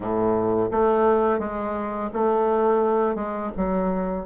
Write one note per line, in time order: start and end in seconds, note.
0.00 0.70 A2
0.71 1.39 A3
1.39 2.10 G#3
2.13 3.15 A3
3.15 3.50 G#3
3.56 4.25 F#3